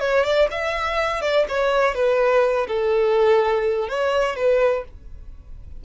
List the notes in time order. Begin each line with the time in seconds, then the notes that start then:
0.00 C#5
0.24 D5
0.51 E5
1.22 D5
1.49 C#5
1.94 B4
2.67 A4
3.89 C#5
4.36 B4